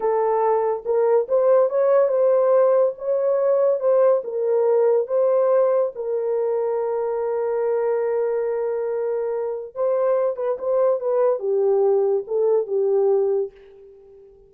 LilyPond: \new Staff \with { instrumentName = "horn" } { \time 4/4 \tempo 4 = 142 a'2 ais'4 c''4 | cis''4 c''2 cis''4~ | cis''4 c''4 ais'2 | c''2 ais'2~ |
ais'1~ | ais'2. c''4~ | c''8 b'8 c''4 b'4 g'4~ | g'4 a'4 g'2 | }